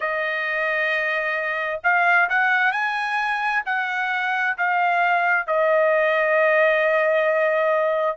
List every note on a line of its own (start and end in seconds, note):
0.00 1.80 D#5
1.83 2.29 F5
2.29 2.71 F#5
2.71 3.62 G#5
3.65 4.56 F#5
4.57 5.46 F5
5.46 8.17 D#5